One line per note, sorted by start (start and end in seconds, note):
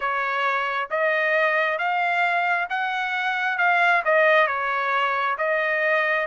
0.00 0.89 C#5
0.90 1.78 D#5
1.78 2.68 F5
2.69 3.57 F#5
3.57 4.02 F5
4.04 4.47 D#5
4.47 5.36 C#5
5.38 6.26 D#5